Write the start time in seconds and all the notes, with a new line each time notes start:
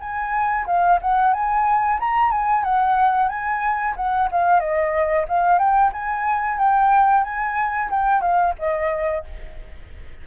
0.00 G#5
0.66 F5
1.02 F#5
1.34 G#5
2.00 A#5
2.31 G#5
2.64 F#5
3.29 G#5
3.96 F#5
4.31 F5
4.60 D#5
5.28 F5
5.59 G5
5.93 G#5
6.58 G5
7.24 G#5
7.90 G5
8.21 F5
8.59 D#5